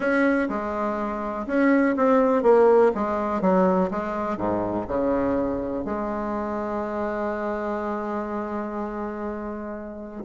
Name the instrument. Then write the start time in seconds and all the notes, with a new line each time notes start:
bassoon
0.00 C#4
0.49 G#3
1.46 C#4
1.96 C4
2.43 A#3
2.94 G#3
3.41 F#3
3.90 G#3
4.37 G#2
4.87 C#3
5.84 G#3